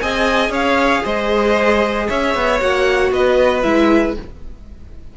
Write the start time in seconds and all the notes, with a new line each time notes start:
0.00 C4 G#4 D#5 G#5
0.49 C#4 C#5 F5
1.04 G#3 C5 D#5
2.08 C#4 C#5 E5
2.34 B3
2.60 A#3 F#4 F#5
3.11 B3 B4 D#5
3.62 G#3 E4 E5